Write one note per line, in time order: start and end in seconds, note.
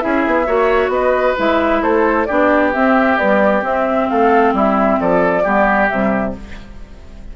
0.00 0.27 C#4
0.00 0.46 E4
0.00 0.47 G#4
0.00 0.90 E5
0.27 0.48 B3
0.46 0.88 A#3
0.46 1.37 F#4
0.46 0.92 C#5
0.88 1.33 B3
0.88 1.83 B4
0.88 1.36 D#5
1.37 1.82 G#3
1.37 2.27 E4
1.37 1.83 E5
1.82 2.27 A3
1.82 2.28 A4
1.82 2.25 C5
2.25 2.75 B3
2.25 2.73 D4
2.25 4.08 G4
2.25 2.70 D5
2.73 3.19 C4
2.73 3.18 C4
2.73 3.18 E5
3.18 3.62 G3
3.18 3.63 B3
3.18 3.63 D5
3.62 5.43 C4
3.62 4.08 C4
3.62 4.09 E5
4.09 4.54 A3
4.09 4.54 A4
4.09 4.54 F5
4.54 4.99 G3
4.54 4.99 E4
4.54 5.01 E5
5.01 5.46 F3
5.01 5.44 A4
5.01 5.89 D5
5.44 5.91 G3
5.44 5.90 B3
5.44 6.34 G4
5.89 6.36 C3
5.89 6.36 G3
5.89 6.34 E5